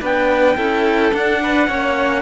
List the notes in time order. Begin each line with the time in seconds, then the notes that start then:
0.00 B3 D4 B4 G5
0.56 C#4 E4 A4
1.12 D4 F#5
1.42 B4
1.67 A#3 C#4 C#5